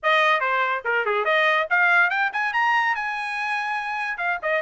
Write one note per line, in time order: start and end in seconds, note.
0.02 0.40 D#5
0.40 0.82 C5
0.84 1.05 A#4
1.05 1.24 G#4
1.24 1.66 D#5
1.70 2.09 F5
2.09 2.30 G5
2.32 2.53 G#5
2.53 2.95 A#5
2.95 4.17 G#5
4.17 4.38 F5
4.42 4.62 D#5